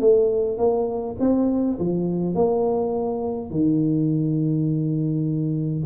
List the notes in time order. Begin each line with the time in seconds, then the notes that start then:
0.00 A3
0.58 A#3
1.20 C4
1.79 F3
2.34 A#3
3.51 D#3